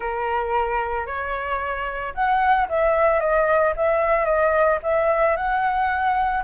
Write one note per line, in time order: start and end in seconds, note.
0.00 1.06 A#4
1.06 2.13 C#5
2.14 2.68 F#5
2.68 3.20 E5
3.20 3.73 D#5
3.76 4.25 E5
4.25 4.78 D#5
4.82 5.36 E5
5.36 6.43 F#5